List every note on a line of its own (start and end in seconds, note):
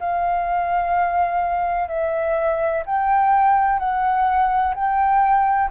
0.00 1.88 F5
1.88 2.84 E5
2.86 3.79 G5
3.79 4.74 F#5
4.75 5.71 G5